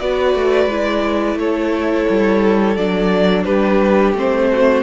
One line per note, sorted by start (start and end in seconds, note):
0.00 0.34 B3
0.00 0.70 F#4
0.00 1.39 B4
0.00 1.38 D5
0.35 0.66 A3
0.66 1.35 G#3
0.66 2.77 E4
1.35 2.04 A3
1.35 3.45 A4
1.35 2.77 C#5
2.10 2.76 G3
2.76 3.45 F#3
2.76 4.15 D4
2.76 3.44 D5
3.44 4.13 G3
3.44 4.49 G4
3.44 4.13 B4
4.13 4.82 A3
4.13 4.83 C4
4.13 4.83 C5
4.52 4.83 F#4